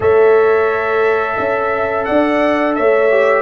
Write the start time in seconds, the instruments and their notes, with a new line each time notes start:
0.00 tuba A3, trombone A4, horn C#5, trumpet E5
1.36 tuba C#4, horn E5
2.04 tuba D4, horn D5, trumpet F#5
2.75 tuba A3, horn C#5, trumpet E5
3.11 trombone G4